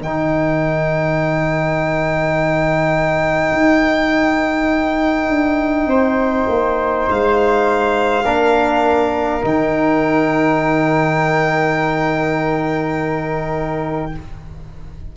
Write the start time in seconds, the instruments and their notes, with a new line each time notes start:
0.00 tuba D#3, trombone D#4, flute A#4, violin G5
3.52 tuba D#4
5.29 tuba D4
5.86 tuba C4, flute C5
6.48 tuba A#3
7.10 tuba G#3, violin F5
8.24 tuba A#3, trombone D4, flute A#4
9.41 tuba D#3, trombone D#4, violin G5